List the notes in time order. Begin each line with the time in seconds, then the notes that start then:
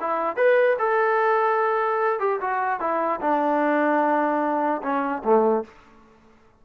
0.00 E4
0.36 B4
0.79 A4
2.19 G4
2.41 F#4
2.79 E4
3.20 D4
4.82 C#4
5.23 A3